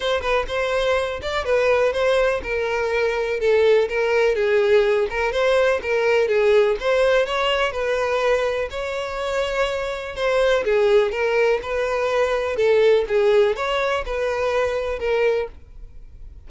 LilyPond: \new Staff \with { instrumentName = "violin" } { \time 4/4 \tempo 4 = 124 c''8 b'8 c''4. d''8 b'4 | c''4 ais'2 a'4 | ais'4 gis'4. ais'8 c''4 | ais'4 gis'4 c''4 cis''4 |
b'2 cis''2~ | cis''4 c''4 gis'4 ais'4 | b'2 a'4 gis'4 | cis''4 b'2 ais'4 | }